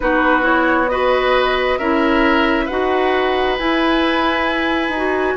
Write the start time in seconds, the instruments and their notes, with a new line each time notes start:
0.00 bassoon B3, clarinet D#4, oboe F#4, flute B4
0.41 clarinet E4, flute C#5
0.88 clarinet F#4, oboe B4, flute D#5
1.77 bassoon C#4, clarinet E4, oboe A#4, flute E5
2.65 bassoon D#4, clarinet F#4, oboe B4, flute F#5
3.58 clarinet E4, bassoon E4, flute G#5
4.88 bassoon D#4
4.95 clarinet F#4